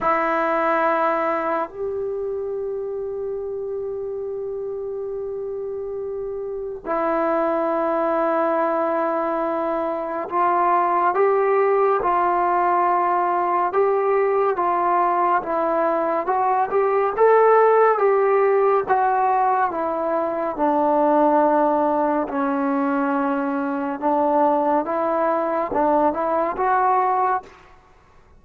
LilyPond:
\new Staff \with { instrumentName = "trombone" } { \time 4/4 \tempo 4 = 70 e'2 g'2~ | g'1 | e'1 | f'4 g'4 f'2 |
g'4 f'4 e'4 fis'8 g'8 | a'4 g'4 fis'4 e'4 | d'2 cis'2 | d'4 e'4 d'8 e'8 fis'4 | }